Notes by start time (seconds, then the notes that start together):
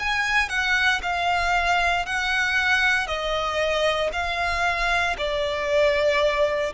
0.00 G#5
0.49 F#5
1.03 F5
2.06 F#5
3.07 D#5
4.13 F5
5.18 D5